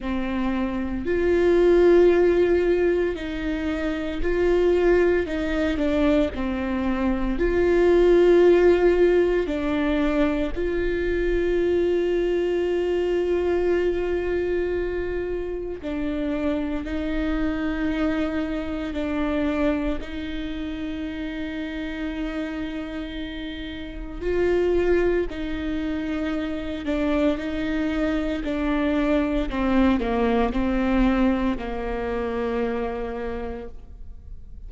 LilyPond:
\new Staff \with { instrumentName = "viola" } { \time 4/4 \tempo 4 = 57 c'4 f'2 dis'4 | f'4 dis'8 d'8 c'4 f'4~ | f'4 d'4 f'2~ | f'2. d'4 |
dis'2 d'4 dis'4~ | dis'2. f'4 | dis'4. d'8 dis'4 d'4 | c'8 ais8 c'4 ais2 | }